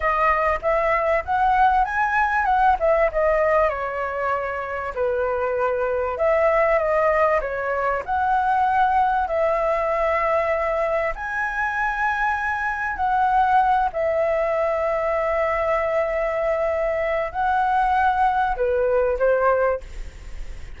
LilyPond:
\new Staff \with { instrumentName = "flute" } { \time 4/4 \tempo 4 = 97 dis''4 e''4 fis''4 gis''4 | fis''8 e''8 dis''4 cis''2 | b'2 e''4 dis''4 | cis''4 fis''2 e''4~ |
e''2 gis''2~ | gis''4 fis''4. e''4.~ | e''1 | fis''2 b'4 c''4 | }